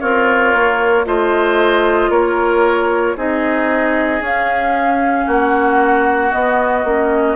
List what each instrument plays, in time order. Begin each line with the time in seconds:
0.00 bassoon C4, oboe F4, clarinet A#4, flute C#5
0.53 bassoon A#3
1.05 bassoon A3, clarinet F4, oboe C5, flute D#5
2.09 bassoon A#3, oboe A#4, flute C#5
3.16 bassoon C4, clarinet D#4, oboe G#4, flute D#5
4.20 bassoon C#4, clarinet C#4, flute F5
5.25 bassoon A#3, oboe F#4, flute F#5
6.31 clarinet B3, bassoon B3, flute D#5
6.84 bassoon A#3, clarinet C#4